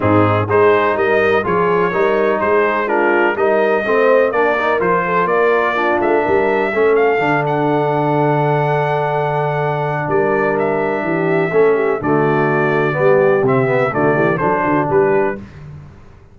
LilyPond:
<<
  \new Staff \with { instrumentName = "trumpet" } { \time 4/4 \tempo 4 = 125 gis'4 c''4 dis''4 cis''4~ | cis''4 c''4 ais'4 dis''4~ | dis''4 d''4 c''4 d''4~ | d''8 e''2 f''4 fis''8~ |
fis''1~ | fis''4 d''4 e''2~ | e''4 d''2. | e''4 d''4 c''4 b'4 | }
  \new Staff \with { instrumentName = "horn" } { \time 4/4 dis'4 gis'4 ais'4 gis'4 | ais'4 gis'4 f'4 ais'4 | c''4 ais'4. a'8 ais'4 | f'4 ais'4 a'2~ |
a'1~ | a'4 ais'2 g'4 | a'8 g'8 fis'2 g'4~ | g'4 fis'8 g'8 a'8 fis'8 g'4 | }
  \new Staff \with { instrumentName = "trombone" } { \time 4/4 c'4 dis'2 f'4 | dis'2 d'4 dis'4 | c'4 d'8 dis'8 f'2 | d'2 cis'4 d'4~ |
d'1~ | d'1 | cis'4 a2 b4 | c'8 b8 a4 d'2 | }
  \new Staff \with { instrumentName = "tuba" } { \time 4/4 gis,4 gis4 g4 f4 | g4 gis2 g4 | a4 ais4 f4 ais4~ | ais8 a8 g4 a4 d4~ |
d1~ | d4 g2 e4 | a4 d2 g4 | c4 d8 e8 fis8 d8 g4 | }
>>